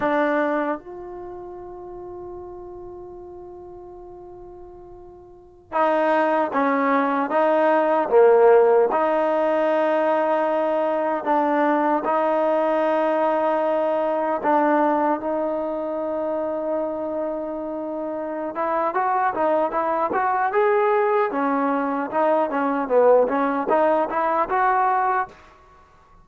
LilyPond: \new Staff \with { instrumentName = "trombone" } { \time 4/4 \tempo 4 = 76 d'4 f'2.~ | f'2.~ f'16 dis'8.~ | dis'16 cis'4 dis'4 ais4 dis'8.~ | dis'2~ dis'16 d'4 dis'8.~ |
dis'2~ dis'16 d'4 dis'8.~ | dis'2.~ dis'8 e'8 | fis'8 dis'8 e'8 fis'8 gis'4 cis'4 | dis'8 cis'8 b8 cis'8 dis'8 e'8 fis'4 | }